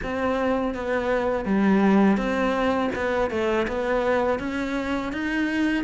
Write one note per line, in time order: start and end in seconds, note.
0.03 0.74 C4
0.74 1.45 B3
1.45 2.17 G3
2.17 2.90 C4
2.95 3.30 B3
3.30 3.67 A3
3.67 4.39 B3
4.39 5.12 C#4
5.12 5.84 D#4